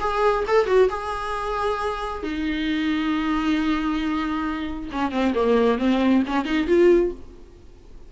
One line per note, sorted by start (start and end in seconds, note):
0.00 0.44 G#4
0.47 0.66 A4
0.66 0.88 F#4
0.90 2.23 G#4
2.23 4.90 D#4
4.92 5.11 C#4
5.11 5.34 C4
5.35 5.78 A#3
5.78 6.23 C4
6.26 6.45 C#4
6.45 6.67 D#4
6.67 7.11 F4